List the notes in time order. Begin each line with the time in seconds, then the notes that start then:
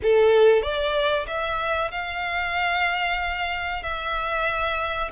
0.02 A4
0.62 D5
1.27 E5
1.91 F5
3.83 E5